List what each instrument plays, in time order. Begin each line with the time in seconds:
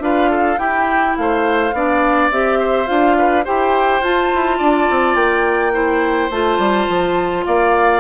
0.00 bassoon D4, clarinet F4, oboe B4, flute F5
0.30 oboe A4
0.57 clarinet E4, bassoon E4, oboe G4, flute G5
1.16 bassoon A3, oboe C5, flute F5
1.73 bassoon B3, clarinet D4, oboe D5
2.31 bassoon C4, clarinet G4, flute E5
2.59 oboe C5
2.86 bassoon D4, clarinet F4, flute F5
3.18 oboe B4
3.44 bassoon E4, clarinet G4, oboe C5, flute G5
4.01 bassoon F4, clarinet F4, flute A5
4.34 bassoon E4
4.58 bassoon D4, oboe D5
4.90 bassoon C4
5.15 bassoon A#3, flute G5
5.72 clarinet E4, oboe C5
6.30 bassoon A3, clarinet F4, flute A5
6.58 bassoon G3
6.88 bassoon F3
7.45 bassoon A#3, oboe D5, flute F5